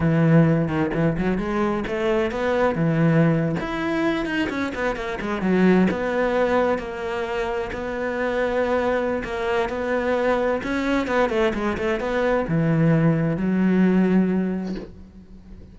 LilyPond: \new Staff \with { instrumentName = "cello" } { \time 4/4 \tempo 4 = 130 e4. dis8 e8 fis8 gis4 | a4 b4 e4.~ e16 e'16~ | e'4~ e'16 dis'8 cis'8 b8 ais8 gis8 fis16~ | fis8. b2 ais4~ ais16~ |
ais8. b2.~ b16 | ais4 b2 cis'4 | b8 a8 gis8 a8 b4 e4~ | e4 fis2. | }